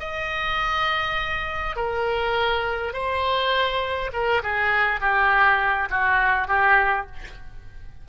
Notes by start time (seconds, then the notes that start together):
0.00 D#5
1.76 A#4
2.94 C5
4.13 A#4
4.43 G#4
5.01 G4
5.91 F#4
6.48 G4